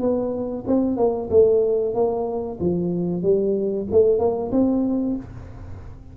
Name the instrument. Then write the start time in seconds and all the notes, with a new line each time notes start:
tuba
0.00 B3
0.67 C4
0.97 A#3
1.30 A3
1.94 A#3
2.60 F3
3.23 G3
3.91 A3
4.19 A#3
4.52 C4